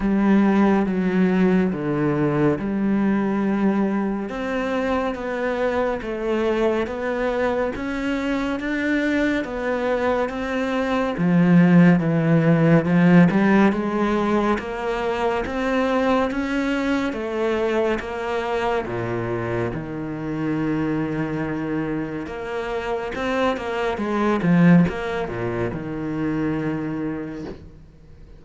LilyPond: \new Staff \with { instrumentName = "cello" } { \time 4/4 \tempo 4 = 70 g4 fis4 d4 g4~ | g4 c'4 b4 a4 | b4 cis'4 d'4 b4 | c'4 f4 e4 f8 g8 |
gis4 ais4 c'4 cis'4 | a4 ais4 ais,4 dis4~ | dis2 ais4 c'8 ais8 | gis8 f8 ais8 ais,8 dis2 | }